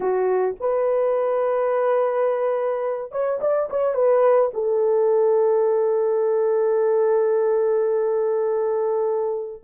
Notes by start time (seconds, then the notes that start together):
0.00 F#4
0.60 B4
3.11 C#5
3.41 D5
3.69 C#5
3.94 B4
4.53 A4